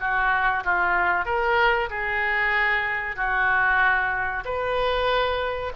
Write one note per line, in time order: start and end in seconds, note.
0.00 0.64 F#4
0.64 1.25 F4
1.25 1.89 A#4
1.90 3.16 G#4
3.16 4.44 F#4
4.45 5.73 B4